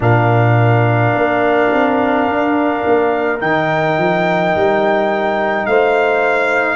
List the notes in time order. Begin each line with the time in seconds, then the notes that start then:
0.00 A#2 D4 A#4 F5
1.14 A#3
1.71 C4
2.27 D4
2.86 A#3
3.39 D#3 D#4 G5
3.98 F3
4.55 G3
5.66 A3 C5 F5